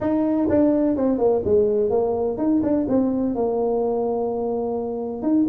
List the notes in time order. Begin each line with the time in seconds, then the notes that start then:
0.00 D#4
0.49 D4
0.96 C4
1.18 A#3
1.44 G#3
1.90 A#3
2.37 D#4
2.62 D4
2.88 C4
3.35 A#3
5.22 D#4